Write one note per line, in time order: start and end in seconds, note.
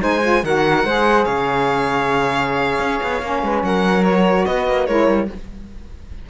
0.00 0.43 G#3
0.00 0.21 D#4
0.00 0.43 C5
0.00 0.45 G#5
0.22 0.43 F4
0.43 0.84 D#3
0.43 0.85 F#4
0.43 0.85 A#4
0.43 1.25 F#5
0.84 1.26 G#3
0.84 3.22 G#4
0.84 1.25 C5
1.25 2.79 C#3
1.25 3.42 C#5
1.25 3.62 F5
2.79 3.00 C#4
3.03 3.22 B3
3.22 3.43 A#3
3.22 4.04 C#4
3.43 3.62 G#3
3.43 3.65 B4
3.62 4.45 F#3
3.62 4.47 A#4
3.62 4.04 F#5
4.04 4.87 F#4
4.04 4.45 C#5
4.46 4.67 B3
4.46 4.88 B4
4.46 4.86 D#5
4.67 4.88 A#3
4.86 5.08 G#3
4.86 5.29 E4
4.86 5.29 A#4
4.86 5.28 C#5
5.08 5.28 G3